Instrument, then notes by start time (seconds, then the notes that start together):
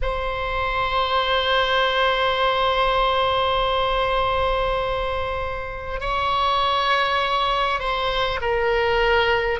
oboe
0.02 C5
6.00 C#5
7.79 C5
8.41 A#4